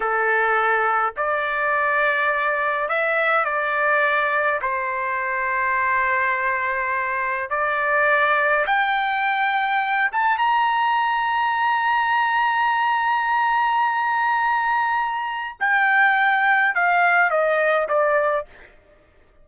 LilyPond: \new Staff \with { instrumentName = "trumpet" } { \time 4/4 \tempo 4 = 104 a'2 d''2~ | d''4 e''4 d''2 | c''1~ | c''4 d''2 g''4~ |
g''4. a''8 ais''2~ | ais''1~ | ais''2. g''4~ | g''4 f''4 dis''4 d''4 | }